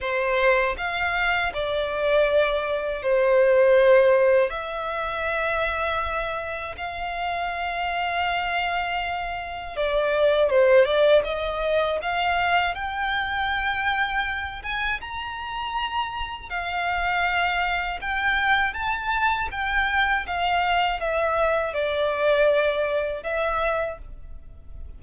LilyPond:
\new Staff \with { instrumentName = "violin" } { \time 4/4 \tempo 4 = 80 c''4 f''4 d''2 | c''2 e''2~ | e''4 f''2.~ | f''4 d''4 c''8 d''8 dis''4 |
f''4 g''2~ g''8 gis''8 | ais''2 f''2 | g''4 a''4 g''4 f''4 | e''4 d''2 e''4 | }